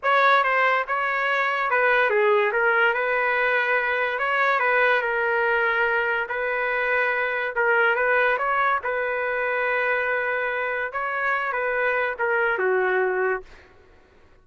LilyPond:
\new Staff \with { instrumentName = "trumpet" } { \time 4/4 \tempo 4 = 143 cis''4 c''4 cis''2 | b'4 gis'4 ais'4 b'4~ | b'2 cis''4 b'4 | ais'2. b'4~ |
b'2 ais'4 b'4 | cis''4 b'2.~ | b'2 cis''4. b'8~ | b'4 ais'4 fis'2 | }